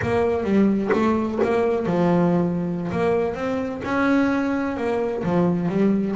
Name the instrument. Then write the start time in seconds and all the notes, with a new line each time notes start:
double bass
0.01 A#3
0.44 G3
0.92 A3
1.43 A#3
1.86 F3
2.91 A#3
3.35 C4
3.84 C#4
4.77 A#3
5.23 F3
5.68 G3